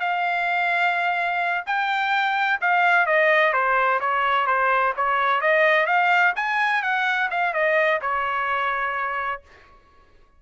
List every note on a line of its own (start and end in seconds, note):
0.00 1.64 F5
1.66 2.60 G5
2.61 3.06 F5
3.06 3.52 D#5
3.52 3.99 C5
4.00 4.46 C#5
4.46 4.93 C5
4.96 5.41 C#5
5.41 5.86 D#5
5.86 6.33 F5
6.36 6.82 G#5
6.82 7.29 F#5
7.30 7.53 F5
7.53 8.00 D#5
8.01 9.41 C#5